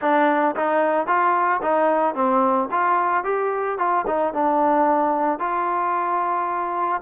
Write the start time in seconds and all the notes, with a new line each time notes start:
0.01 D4
0.56 D#4
1.06 F4
1.62 D#4
2.14 C4
2.71 F4
3.24 G4
3.78 F4
4.06 D#4
4.33 D4
5.39 F4